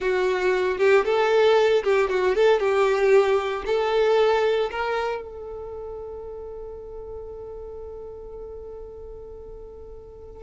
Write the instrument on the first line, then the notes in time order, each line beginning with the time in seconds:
violin
0.00 F#4
0.78 G4
1.05 A4
1.83 G4
2.09 F#4
2.35 A4
2.59 G4
3.65 A4
4.70 A#4
5.22 A4